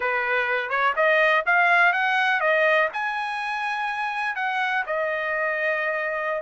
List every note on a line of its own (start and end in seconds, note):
0.00 0.69 B4
0.69 0.93 C#5
0.96 1.44 D#5
1.46 1.92 F5
1.92 2.40 F#5
2.40 2.88 D#5
2.93 4.35 G#5
4.35 4.84 F#5
4.86 6.42 D#5